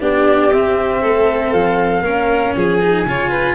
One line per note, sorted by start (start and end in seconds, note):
0.00 0.52 B3
0.00 0.51 D4
0.00 1.01 G4
0.00 0.52 D5
0.52 1.03 C4
0.52 2.03 C4
0.52 1.52 E5
1.01 1.53 A3
1.01 2.03 A4
1.52 2.00 F3
1.52 2.54 F5
2.00 2.51 A#3
2.00 2.80 C#4
2.00 2.55 A#4
2.55 3.05 F3
2.55 3.08 G#4
2.55 3.55 G#5
2.81 3.06 D#4
3.05 3.55 C#3
3.05 3.55 F4
3.05 3.29 C#5
3.29 3.55 B4